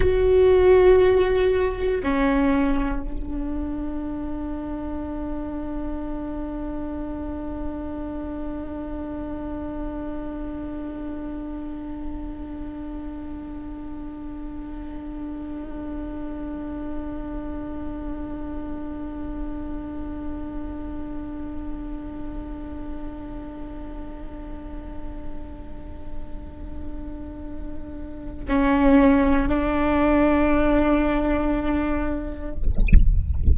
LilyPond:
\new Staff \with { instrumentName = "viola" } { \time 4/4 \tempo 4 = 59 fis'2 cis'4 d'4~ | d'1~ | d'1~ | d'1~ |
d'1~ | d'1~ | d'1 | cis'4 d'2. | }